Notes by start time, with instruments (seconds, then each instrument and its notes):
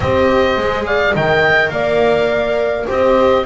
0.00 double bass C4, viola G4, horn C5, oboe D#5
0.57 double bass G#3, viola G#4
0.86 horn D5, oboe F5
1.14 double bass D#3, viola A#4, horn D#5, oboe G5
1.70 double bass A#3, horn D5, oboe F5
2.86 double bass C4, viola G4, horn C5, oboe D#5